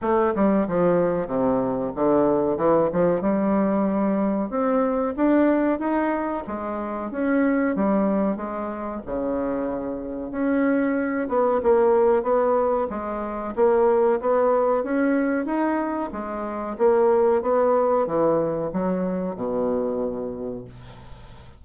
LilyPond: \new Staff \with { instrumentName = "bassoon" } { \time 4/4 \tempo 4 = 93 a8 g8 f4 c4 d4 | e8 f8 g2 c'4 | d'4 dis'4 gis4 cis'4 | g4 gis4 cis2 |
cis'4. b8 ais4 b4 | gis4 ais4 b4 cis'4 | dis'4 gis4 ais4 b4 | e4 fis4 b,2 | }